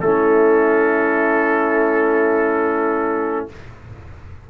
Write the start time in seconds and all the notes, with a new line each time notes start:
0.00 A3 C#4 E4 A4